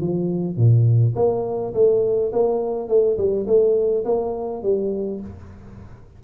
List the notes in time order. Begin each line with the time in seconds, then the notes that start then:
0.00 F3
0.57 A#2
1.15 A#3
1.74 A3
2.32 A#3
2.88 A3
3.17 G3
3.47 A3
4.05 A#3
4.63 G3